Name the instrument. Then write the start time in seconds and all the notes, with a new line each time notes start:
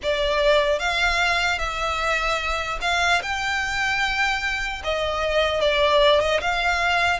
violin
0.03 D5
0.79 F5
1.58 E5
2.81 F5
3.22 G5
4.84 D#5
5.60 D5
6.20 D#5
6.40 F5